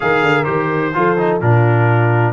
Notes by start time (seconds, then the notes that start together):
0.00 D#3 G#4 A#4 F5
0.22 D3
0.44 D#3 G4 C5
0.94 F3 F4 A4
1.17 D#4
1.40 A#2 D4 F4 A#4